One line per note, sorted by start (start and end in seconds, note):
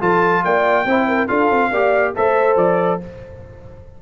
0.00 0.44 F3
0.00 0.86 F4
0.00 0.44 A4
0.00 0.44 A5
0.44 0.85 A#3
0.44 0.88 D5
0.44 1.28 G5
0.85 1.28 C4
0.85 1.29 E4
0.85 1.08 C5
1.08 1.28 A#4
1.28 1.51 D4
1.28 1.71 F4
1.28 1.71 A4
1.28 2.14 F5
1.51 1.72 C4
1.72 2.15 A#3
1.72 2.16 G4
1.72 2.15 D5
2.16 2.56 A3
2.16 3.01 A4
2.16 3.02 C5
2.16 2.57 E5
2.56 2.99 F3
2.56 3.00 D5